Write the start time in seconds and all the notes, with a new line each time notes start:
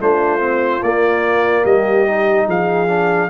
0.00 A3 D4 F4 C5
0.39 C4
0.82 A#3 D5
1.63 G3 G4 D#5
2.07 D#4
2.47 F3 G#4 F5
2.87 D4